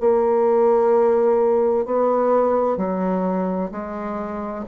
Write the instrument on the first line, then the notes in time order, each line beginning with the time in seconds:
bassoon
0.00 A#3
1.85 B3
2.77 F#3
3.71 G#3